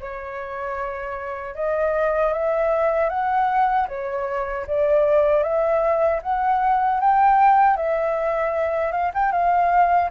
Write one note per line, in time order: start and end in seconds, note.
0.00 1.55 C#5
1.55 2.33 D#5
2.33 3.10 E5
3.10 3.87 F#5
3.88 4.66 C#5
4.67 5.43 D5
5.43 6.21 E5
6.22 7.00 F#5
7.00 7.77 G5
7.77 8.92 E5
8.92 9.11 F5
9.14 9.32 G5
9.32 10.10 F5